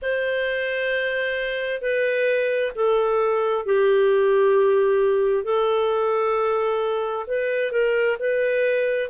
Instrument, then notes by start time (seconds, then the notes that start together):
clarinet
0.02 C5
1.81 B4
2.75 A4
3.65 G4
5.44 A4
7.26 B4
7.71 A#4
8.19 B4